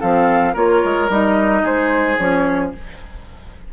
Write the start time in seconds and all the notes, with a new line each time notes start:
0.00 F3 C4 A4 F5
0.53 A#3 F4 A#4 C#5
0.84 G#3
1.09 G3 D#4 D#5
1.63 G#3 G#4 C5
2.18 F3 C#4 C#5